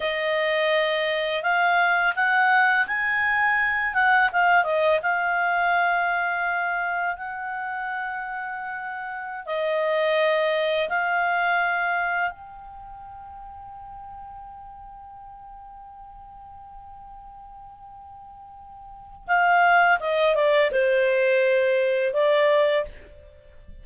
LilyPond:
\new Staff \with { instrumentName = "clarinet" } { \time 4/4 \tempo 4 = 84 dis''2 f''4 fis''4 | gis''4. fis''8 f''8 dis''8 f''4~ | f''2 fis''2~ | fis''4~ fis''16 dis''2 f''8.~ |
f''4~ f''16 g''2~ g''8.~ | g''1~ | g''2. f''4 | dis''8 d''8 c''2 d''4 | }